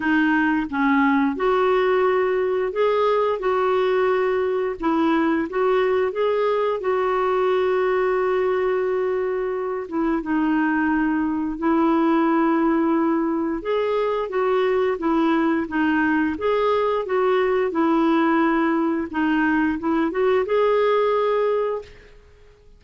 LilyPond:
\new Staff \with { instrumentName = "clarinet" } { \time 4/4 \tempo 4 = 88 dis'4 cis'4 fis'2 | gis'4 fis'2 e'4 | fis'4 gis'4 fis'2~ | fis'2~ fis'8 e'8 dis'4~ |
dis'4 e'2. | gis'4 fis'4 e'4 dis'4 | gis'4 fis'4 e'2 | dis'4 e'8 fis'8 gis'2 | }